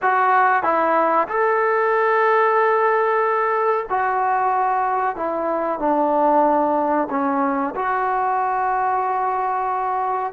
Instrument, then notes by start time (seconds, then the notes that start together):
trombone
0.02 F#4
0.63 E4
1.28 A4
3.89 F#4
5.16 E4
5.79 D4
7.10 C#4
7.75 F#4